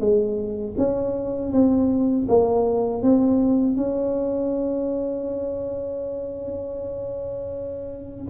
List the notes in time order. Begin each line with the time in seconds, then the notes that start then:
0.00 G#3
0.77 C#4
1.52 C4
2.28 A#3
3.02 C4
3.76 C#4